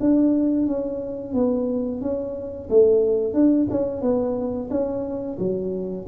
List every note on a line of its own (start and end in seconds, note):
0.00 0.66 D4
0.66 1.34 C#4
1.34 2.01 B3
2.01 2.69 C#4
2.70 3.34 A3
3.34 3.67 D4
3.70 4.02 C#4
4.02 4.69 B3
4.70 5.38 C#4
5.39 6.06 F#3